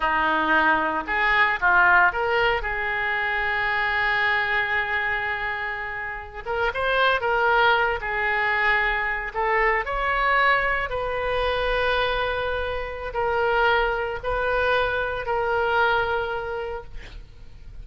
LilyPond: \new Staff \with { instrumentName = "oboe" } { \time 4/4 \tempo 4 = 114 dis'2 gis'4 f'4 | ais'4 gis'2.~ | gis'1~ | gis'16 ais'8 c''4 ais'4. gis'8.~ |
gis'4.~ gis'16 a'4 cis''4~ cis''16~ | cis''8. b'2.~ b'16~ | b'4 ais'2 b'4~ | b'4 ais'2. | }